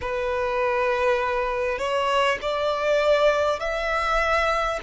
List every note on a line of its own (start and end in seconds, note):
0.01 1.78 B4
1.78 2.38 C#5
2.41 3.59 D5
3.59 4.79 E5